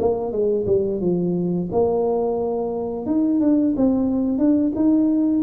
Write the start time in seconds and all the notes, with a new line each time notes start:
0.00 A#3
0.32 G#3
0.67 G3
1.01 F3
1.72 A#3
3.06 D#4
3.41 D4
3.77 C4
4.38 D4
4.76 D#4